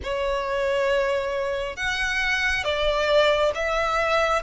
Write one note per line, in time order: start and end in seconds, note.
0.03 1.76 C#5
1.76 2.64 F#5
2.64 3.52 D5
3.55 4.42 E5